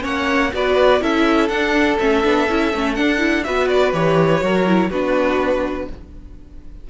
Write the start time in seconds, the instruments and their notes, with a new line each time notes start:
0.00 cello A#3, viola C#4, violin C#5 F#5
0.53 cello B3, viola F#4, violin B4 D5
1.00 cello C#4, viola E4, violin A4 E5
1.48 cello D4, viola D4, violin F#5
1.99 cello A3, viola C#4, violin E5
2.24 cello B3, viola D4
2.49 cello C#4, viola E4
2.73 cello A3, viola C#4
2.95 viola D4, cello D4, violin F#5
3.17 viola E4
3.43 cello B3, viola F#4, violin B4 E5
3.68 violin D5
3.92 cello E3, viola G4, violin C#5
4.41 cello F#3, viola F#4, violin A#4
4.67 viola E4
4.90 cello B3, viola D4, violin F#4 B4